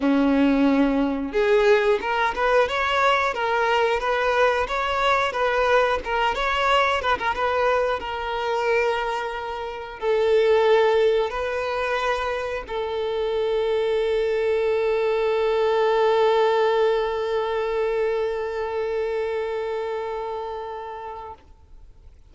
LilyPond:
\new Staff \with { instrumentName = "violin" } { \time 4/4 \tempo 4 = 90 cis'2 gis'4 ais'8 b'8 | cis''4 ais'4 b'4 cis''4 | b'4 ais'8 cis''4 b'16 ais'16 b'4 | ais'2. a'4~ |
a'4 b'2 a'4~ | a'1~ | a'1~ | a'1 | }